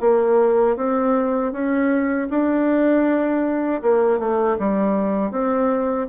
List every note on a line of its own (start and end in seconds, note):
0.00 0.76 A#3
0.76 1.52 C4
1.52 2.28 C#4
2.30 3.81 D4
3.81 4.19 A#3
4.19 4.57 A3
4.58 5.31 G3
5.31 6.07 C4